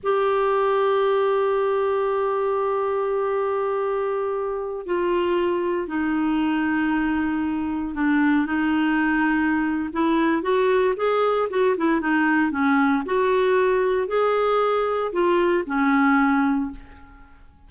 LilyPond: \new Staff \with { instrumentName = "clarinet" } { \time 4/4 \tempo 4 = 115 g'1~ | g'1~ | g'4~ g'16 f'2 dis'8.~ | dis'2.~ dis'16 d'8.~ |
d'16 dis'2~ dis'8. e'4 | fis'4 gis'4 fis'8 e'8 dis'4 | cis'4 fis'2 gis'4~ | gis'4 f'4 cis'2 | }